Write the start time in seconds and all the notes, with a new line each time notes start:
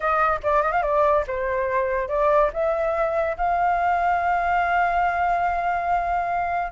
0.00 D#5
0.43 D5
0.62 D#5
0.72 F5
0.82 D5
1.27 C5
2.08 D5
2.53 E5
3.37 F5